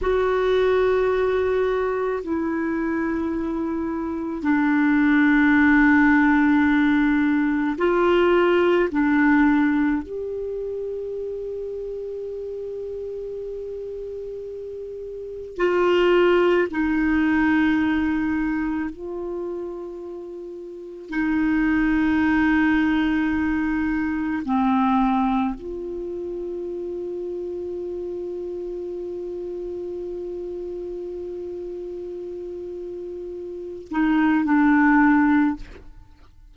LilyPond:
\new Staff \with { instrumentName = "clarinet" } { \time 4/4 \tempo 4 = 54 fis'2 e'2 | d'2. f'4 | d'4 g'2.~ | g'2 f'4 dis'4~ |
dis'4 f'2 dis'4~ | dis'2 c'4 f'4~ | f'1~ | f'2~ f'8 dis'8 d'4 | }